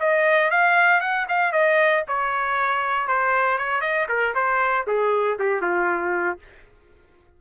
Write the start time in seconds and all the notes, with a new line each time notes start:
0.00 D#5
0.51 F5
1.01 F#5
1.29 F5
1.52 D#5
2.08 C#5
3.08 C5
3.58 C#5
3.81 D#5
4.09 A#4
4.35 C5
4.87 G#4
5.39 G4
5.62 F4